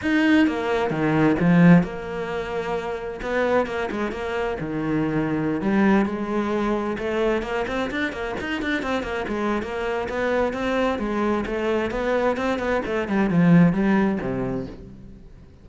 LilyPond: \new Staff \with { instrumentName = "cello" } { \time 4/4 \tempo 4 = 131 dis'4 ais4 dis4 f4 | ais2. b4 | ais8 gis8 ais4 dis2~ | dis16 g4 gis2 a8.~ |
a16 ais8 c'8 d'8 ais8 dis'8 d'8 c'8 ais16~ | ais16 gis8. ais4 b4 c'4 | gis4 a4 b4 c'8 b8 | a8 g8 f4 g4 c4 | }